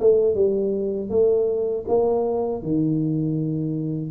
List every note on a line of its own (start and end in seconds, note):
0.00 0.35 A3
0.35 1.10 G3
1.10 1.85 A3
1.88 2.62 A#3
2.62 4.11 D#3